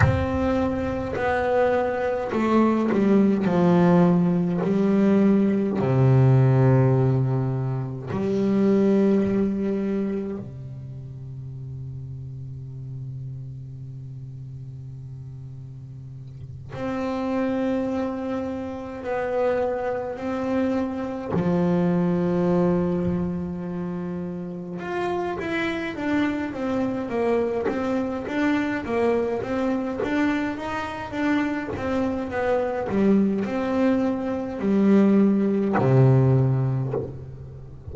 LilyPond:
\new Staff \with { instrumentName = "double bass" } { \time 4/4 \tempo 4 = 52 c'4 b4 a8 g8 f4 | g4 c2 g4~ | g4 c2.~ | c2~ c8 c'4.~ |
c'8 b4 c'4 f4.~ | f4. f'8 e'8 d'8 c'8 ais8 | c'8 d'8 ais8 c'8 d'8 dis'8 d'8 c'8 | b8 g8 c'4 g4 c4 | }